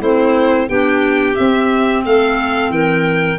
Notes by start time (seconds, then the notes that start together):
0.00 A3 C4 E4 C5
0.69 B3 D4 G4 G5
1.35 C4 E5
2.05 A3 A4 F5
2.70 E3 A#4 G5